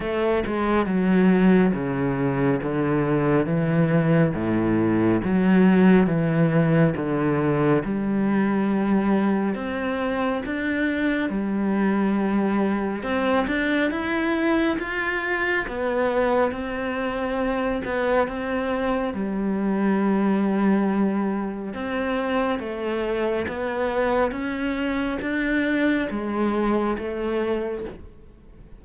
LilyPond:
\new Staff \with { instrumentName = "cello" } { \time 4/4 \tempo 4 = 69 a8 gis8 fis4 cis4 d4 | e4 a,4 fis4 e4 | d4 g2 c'4 | d'4 g2 c'8 d'8 |
e'4 f'4 b4 c'4~ | c'8 b8 c'4 g2~ | g4 c'4 a4 b4 | cis'4 d'4 gis4 a4 | }